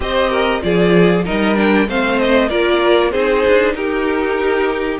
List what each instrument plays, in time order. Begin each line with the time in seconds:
0.00 cello C4, viola G4, violin C5 D#5
0.30 violin A#4
0.60 cello F3, viola F4, violin G#4 D5
1.24 cello G3, viola D#4, violin A#4 D#5
1.55 viola D4, violin G5
1.88 cello A3, viola C4, violin C5 F5
2.19 violin D#5
2.48 cello A#3, viola F4, violin A#4 D5
3.11 cello C4, viola D#4, violin G#4 C5
3.46 cello D4
3.74 cello D#4, violin G4 A#4